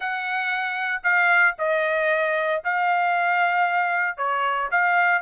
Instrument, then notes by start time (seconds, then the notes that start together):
trumpet
0.00 F#5
1.03 F5
1.58 D#5
2.63 F5
4.17 C#5
4.71 F5